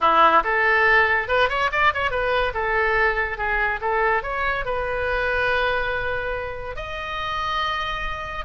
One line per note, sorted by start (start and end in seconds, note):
0.01 0.43 E4
0.44 1.28 A4
1.28 1.49 B4
1.49 1.70 C#5
1.72 1.93 D5
1.94 2.10 C#5
2.10 2.53 B4
2.54 3.37 A4
3.37 3.79 G#4
3.81 4.22 A4
4.22 4.65 C#5
4.65 6.76 B4
6.76 8.45 D#5